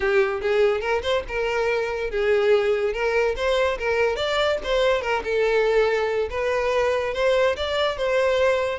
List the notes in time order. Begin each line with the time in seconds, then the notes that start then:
0.00 G4
0.41 G#4
0.81 A#4
1.02 C5
1.28 A#4
2.10 G#4
2.93 A#4
3.35 C5
3.78 A#4
4.16 D5
4.63 C5
5.01 A#4
5.24 A4
6.30 B4
7.13 C5
7.56 D5
7.97 C5